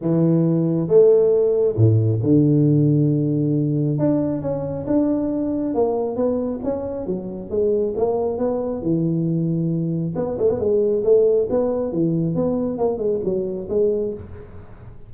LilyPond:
\new Staff \with { instrumentName = "tuba" } { \time 4/4 \tempo 4 = 136 e2 a2 | a,4 d2.~ | d4 d'4 cis'4 d'4~ | d'4 ais4 b4 cis'4 |
fis4 gis4 ais4 b4 | e2. b8 a16 b16 | gis4 a4 b4 e4 | b4 ais8 gis8 fis4 gis4 | }